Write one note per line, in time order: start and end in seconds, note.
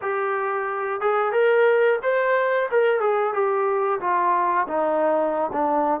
0.02 1.00 G4
1.00 1.32 G#4
1.32 1.98 A#4
2.02 2.68 C5
2.71 3.00 A#4
3.00 3.33 G#4
3.33 4.00 G4
4.00 4.67 F4
4.67 5.50 D#4
5.52 6.00 D4